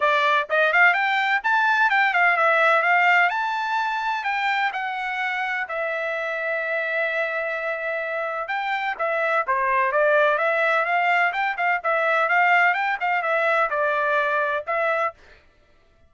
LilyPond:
\new Staff \with { instrumentName = "trumpet" } { \time 4/4 \tempo 4 = 127 d''4 dis''8 f''8 g''4 a''4 | g''8 f''8 e''4 f''4 a''4~ | a''4 g''4 fis''2 | e''1~ |
e''2 g''4 e''4 | c''4 d''4 e''4 f''4 | g''8 f''8 e''4 f''4 g''8 f''8 | e''4 d''2 e''4 | }